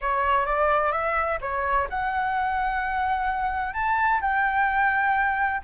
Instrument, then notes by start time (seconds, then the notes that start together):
flute
0.01 C#5
0.45 D5
0.92 E5
1.41 C#5
1.89 F#5
3.73 A5
4.21 G5